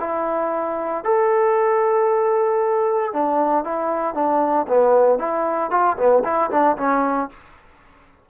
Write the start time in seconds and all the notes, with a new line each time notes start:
0.00 E4
1.05 A4
3.13 D4
3.65 E4
4.15 D4
4.68 B3
5.19 E4
5.71 F4
5.97 B3
6.24 E4
6.51 D4
6.77 C#4